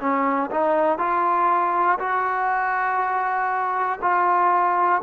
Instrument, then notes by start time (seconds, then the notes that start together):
trombone
0.00 C#4
0.50 D#4
0.98 F4
1.99 F#4
4.01 F4